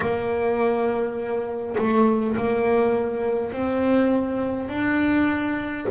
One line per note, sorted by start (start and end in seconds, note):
0.00 1.75 A#3
1.77 2.36 A3
2.36 3.51 A#3
3.51 4.68 C4
4.68 5.86 D4